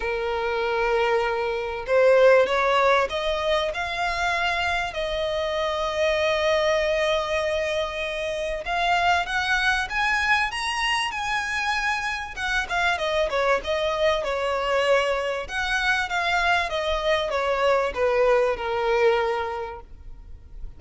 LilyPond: \new Staff \with { instrumentName = "violin" } { \time 4/4 \tempo 4 = 97 ais'2. c''4 | cis''4 dis''4 f''2 | dis''1~ | dis''2 f''4 fis''4 |
gis''4 ais''4 gis''2 | fis''8 f''8 dis''8 cis''8 dis''4 cis''4~ | cis''4 fis''4 f''4 dis''4 | cis''4 b'4 ais'2 | }